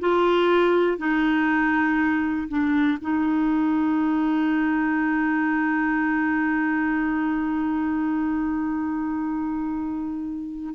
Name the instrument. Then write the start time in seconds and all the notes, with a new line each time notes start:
clarinet
0.00 F4
0.98 D#4
2.48 D4
3.01 D#4